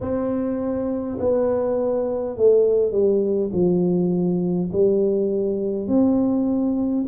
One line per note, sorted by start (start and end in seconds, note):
0.01 1.18 C4
1.19 2.36 B3
2.36 2.91 A3
2.91 3.50 G3
3.52 4.70 F3
4.72 5.87 G3
5.87 7.05 C4